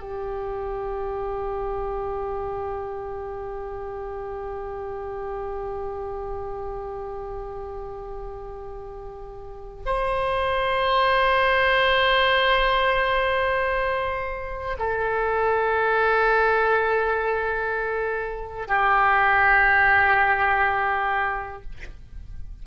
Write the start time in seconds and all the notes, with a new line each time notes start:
0.00 G4
9.86 C5
14.79 A4
18.68 G4